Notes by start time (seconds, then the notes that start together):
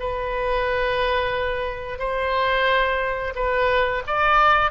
0.00 B4
1.99 C5
3.36 B4
4.07 D5